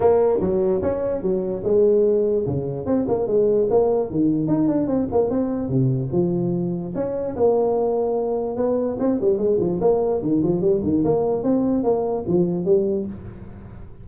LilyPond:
\new Staff \with { instrumentName = "tuba" } { \time 4/4 \tempo 4 = 147 ais4 fis4 cis'4 fis4 | gis2 cis4 c'8 ais8 | gis4 ais4 dis4 dis'8 d'8 | c'8 ais8 c'4 c4 f4~ |
f4 cis'4 ais2~ | ais4 b4 c'8 g8 gis8 f8 | ais4 dis8 f8 g8 dis8 ais4 | c'4 ais4 f4 g4 | }